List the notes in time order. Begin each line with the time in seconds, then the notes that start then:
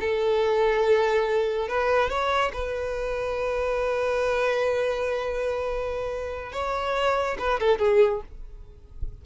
0.00 A4
1.68 B4
2.09 C#5
2.53 B4
6.52 C#5
7.39 B4
7.60 A4
7.79 G#4